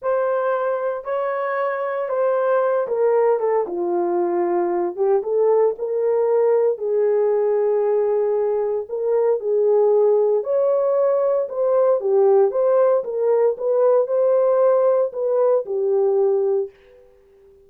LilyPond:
\new Staff \with { instrumentName = "horn" } { \time 4/4 \tempo 4 = 115 c''2 cis''2 | c''4. ais'4 a'8 f'4~ | f'4. g'8 a'4 ais'4~ | ais'4 gis'2.~ |
gis'4 ais'4 gis'2 | cis''2 c''4 g'4 | c''4 ais'4 b'4 c''4~ | c''4 b'4 g'2 | }